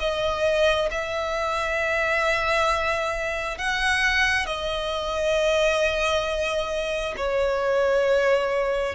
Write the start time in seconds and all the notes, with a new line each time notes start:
0.00 D#5
0.91 E5
3.58 F#5
4.46 D#5
7.17 C#5